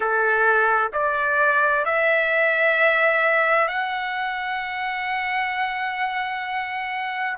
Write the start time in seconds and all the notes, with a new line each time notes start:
0.00 A4
0.92 D5
1.85 E5
3.68 F#5